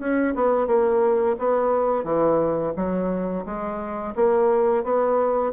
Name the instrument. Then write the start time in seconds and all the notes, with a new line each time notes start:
bassoon
0.00 C#4
0.35 B3
0.67 A#3
1.39 B3
2.04 E3
2.76 F#3
3.46 G#3
4.16 A#3
4.84 B3